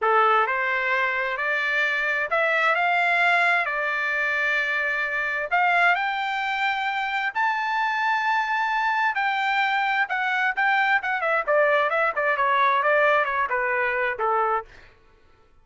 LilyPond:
\new Staff \with { instrumentName = "trumpet" } { \time 4/4 \tempo 4 = 131 a'4 c''2 d''4~ | d''4 e''4 f''2 | d''1 | f''4 g''2. |
a''1 | g''2 fis''4 g''4 | fis''8 e''8 d''4 e''8 d''8 cis''4 | d''4 cis''8 b'4. a'4 | }